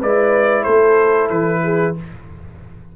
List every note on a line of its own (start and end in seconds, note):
0.00 0.66 G#3
0.00 1.96 E4
0.00 0.64 B4
0.00 0.64 D5
0.64 1.30 A3
0.64 1.61 A4
0.64 1.28 C5
1.30 1.95 E3
1.30 1.95 B4
1.64 1.96 G#4